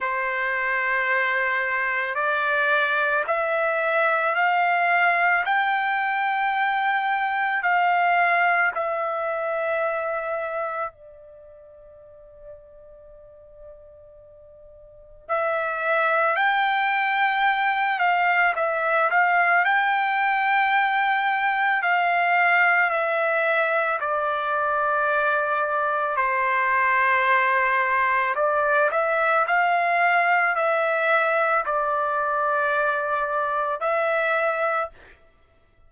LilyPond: \new Staff \with { instrumentName = "trumpet" } { \time 4/4 \tempo 4 = 55 c''2 d''4 e''4 | f''4 g''2 f''4 | e''2 d''2~ | d''2 e''4 g''4~ |
g''8 f''8 e''8 f''8 g''2 | f''4 e''4 d''2 | c''2 d''8 e''8 f''4 | e''4 d''2 e''4 | }